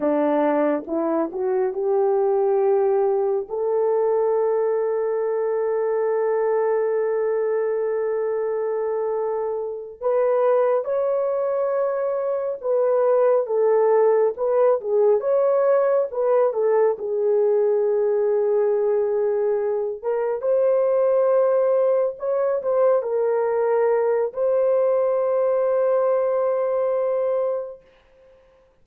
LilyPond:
\new Staff \with { instrumentName = "horn" } { \time 4/4 \tempo 4 = 69 d'4 e'8 fis'8 g'2 | a'1~ | a'2.~ a'8 b'8~ | b'8 cis''2 b'4 a'8~ |
a'8 b'8 gis'8 cis''4 b'8 a'8 gis'8~ | gis'2. ais'8 c''8~ | c''4. cis''8 c''8 ais'4. | c''1 | }